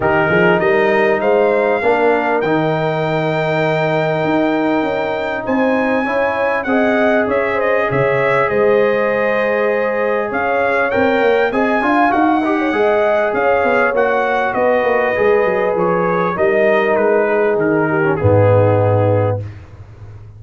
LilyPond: <<
  \new Staff \with { instrumentName = "trumpet" } { \time 4/4 \tempo 4 = 99 ais'4 dis''4 f''2 | g''1~ | g''4 gis''2 fis''4 | e''8 dis''8 e''4 dis''2~ |
dis''4 f''4 g''4 gis''4 | fis''2 f''4 fis''4 | dis''2 cis''4 dis''4 | b'4 ais'4 gis'2 | }
  \new Staff \with { instrumentName = "horn" } { \time 4/4 g'8 gis'8 ais'4 c''4 ais'4~ | ais'1~ | ais'4 c''4 cis''4 dis''4 | cis''8 c''8 cis''4 c''2~ |
c''4 cis''2 dis''8 f''8~ | f''8 dis''16 cis''16 dis''4 cis''2 | b'2. ais'4~ | ais'8 gis'4 g'8 dis'2 | }
  \new Staff \with { instrumentName = "trombone" } { \time 4/4 dis'2. d'4 | dis'1~ | dis'2 e'4 gis'4~ | gis'1~ |
gis'2 ais'4 gis'8 f'8 | fis'8 g'8 gis'2 fis'4~ | fis'4 gis'2 dis'4~ | dis'4.~ dis'16 cis'16 b2 | }
  \new Staff \with { instrumentName = "tuba" } { \time 4/4 dis8 f8 g4 gis4 ais4 | dis2. dis'4 | cis'4 c'4 cis'4 c'4 | cis'4 cis4 gis2~ |
gis4 cis'4 c'8 ais8 c'8 d'8 | dis'4 gis4 cis'8 b8 ais4 | b8 ais8 gis8 fis8 f4 g4 | gis4 dis4 gis,2 | }
>>